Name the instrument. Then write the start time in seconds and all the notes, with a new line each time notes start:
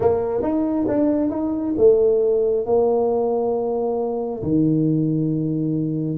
tuba
0.00 A#3
0.42 D#4
0.88 D4
1.30 D#4
1.77 A3
2.66 A#3
4.42 D#3